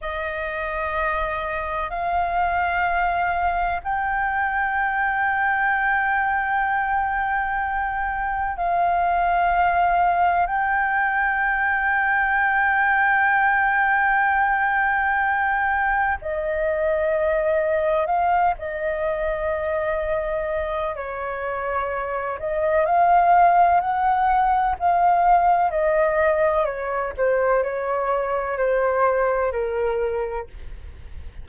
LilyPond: \new Staff \with { instrumentName = "flute" } { \time 4/4 \tempo 4 = 63 dis''2 f''2 | g''1~ | g''4 f''2 g''4~ | g''1~ |
g''4 dis''2 f''8 dis''8~ | dis''2 cis''4. dis''8 | f''4 fis''4 f''4 dis''4 | cis''8 c''8 cis''4 c''4 ais'4 | }